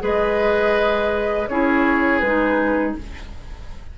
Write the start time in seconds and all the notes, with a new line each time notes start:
0.00 G#3 G#4 B4 D#5
1.48 C#4 E4 G#4 C#5
2.19 G#3 D#4 B4